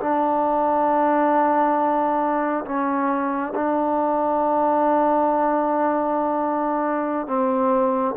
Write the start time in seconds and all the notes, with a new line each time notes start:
0.00 D4
2.65 C#4
3.55 D4
7.27 C4